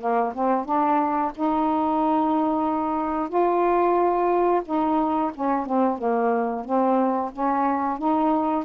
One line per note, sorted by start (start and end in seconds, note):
0.00 0.33 A#3
0.34 0.65 C4
0.65 1.32 D4
1.35 3.29 D#4
3.29 4.62 F4
4.65 5.32 D#4
5.34 5.66 C#4
5.66 5.98 C4
5.98 6.65 A#3
6.65 7.31 C4
7.32 7.98 C#4
7.98 8.65 D#4